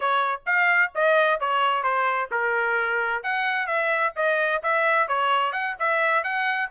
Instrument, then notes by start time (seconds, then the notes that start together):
trumpet
0.00 C#5
0.46 F5
0.94 D#5
1.40 C#5
1.83 C5
2.31 A#4
3.23 F#5
3.67 E5
4.16 D#5
4.63 E5
5.08 C#5
5.52 F#5
5.79 E5
6.23 F#5